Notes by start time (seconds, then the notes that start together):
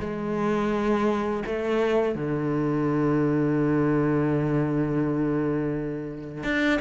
0.00 G#3
1.46 A3
2.15 D3
6.44 D4